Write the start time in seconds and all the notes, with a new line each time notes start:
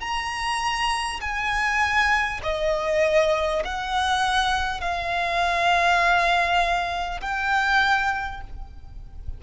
0.00 A#5
1.20 G#5
2.43 D#5
3.64 F#5
4.80 F5
7.21 G5